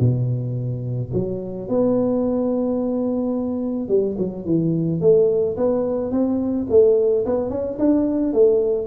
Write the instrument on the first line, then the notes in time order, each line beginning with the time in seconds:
tuba
0.00 B2
1.14 F#3
1.69 B3
3.89 G3
4.18 F#3
4.45 E3
5.01 A3
5.57 B3
6.11 C4
6.70 A3
7.26 B3
7.50 C#4
7.79 D4
8.34 A3